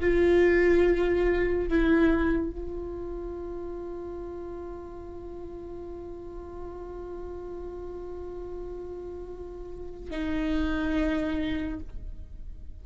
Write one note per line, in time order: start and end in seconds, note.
0.00 1.68 F4
1.68 2.51 E4
2.51 10.10 F4
10.10 11.79 D#4